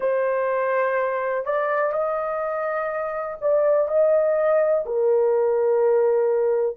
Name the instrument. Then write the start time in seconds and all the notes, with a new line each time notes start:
horn
0.00 C5
1.45 D5
1.92 D#5
3.41 D5
3.88 D#5
4.85 A#4